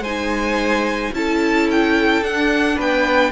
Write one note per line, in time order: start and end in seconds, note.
0.00 1.10 G#3
0.00 1.14 D#4
0.00 1.12 C5
0.00 1.14 G#5
1.13 2.22 C#4
1.13 2.23 E4
1.13 2.76 A4
1.13 1.70 A5
1.71 2.24 G5
2.22 2.77 D4
2.22 3.32 D4
2.22 2.79 F#5
2.76 3.32 B3
2.76 3.31 B4
2.76 3.32 G5